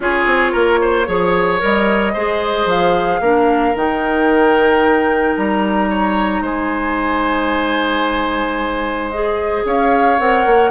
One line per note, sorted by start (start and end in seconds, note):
0.00 0.25 C#4
0.00 1.06 F4
0.00 0.51 G#4
0.00 1.63 C#5
0.25 0.52 C4
0.51 1.07 A#3
0.51 0.78 A#4
0.81 1.07 C5
1.06 1.61 F3
1.06 1.59 G#4
1.06 2.13 C#5
1.59 2.15 G3
1.59 2.12 A#4
1.59 2.69 D#5
2.13 2.65 G#3
2.13 3.22 G#4
2.13 3.20 C5
2.65 3.19 F3
2.65 3.76 F5
3.20 3.74 A#3
3.20 3.74 D4
3.20 5.89 A#4
3.74 5.36 D#3
3.74 9.10 D#4
3.74 5.36 G5
5.36 6.41 G3
5.36 6.43 A#5
5.89 6.42 C#5
6.41 9.62 G#3
6.41 9.63 C5
6.41 9.10 G#5
9.10 10.19 G#4
9.10 9.64 D#5
9.64 10.18 C#4
9.64 10.70 C#5
9.64 10.18 F5
10.18 10.46 C4
10.18 10.70 A#4
10.18 10.70 F#5
10.46 10.70 A#3